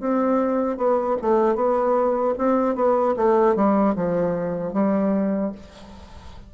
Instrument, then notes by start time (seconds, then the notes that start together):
bassoon
0.00 C4
0.77 B3
1.22 A3
1.55 B3
2.38 C4
2.75 B3
3.17 A3
3.55 G3
3.95 F3
4.73 G3